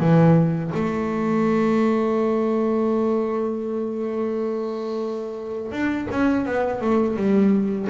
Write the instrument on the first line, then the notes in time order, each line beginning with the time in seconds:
double bass
0.00 E3
0.74 A3
5.72 D4
6.11 C#4
6.46 B3
6.81 A3
7.17 G3